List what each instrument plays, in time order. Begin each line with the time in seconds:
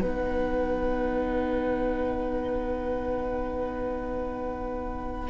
0.00 cello B3, viola D#4, violin B4 F#5